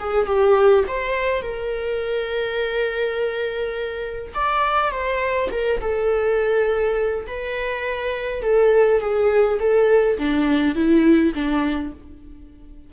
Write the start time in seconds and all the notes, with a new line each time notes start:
0.00 G#4
0.26 G4
0.88 C5
1.42 A#4
4.35 D5
4.91 C5
5.51 A#4
5.81 A4
7.27 B4
8.43 A4
9.01 G#4
9.60 A4
10.18 D4
10.75 E4
11.34 D4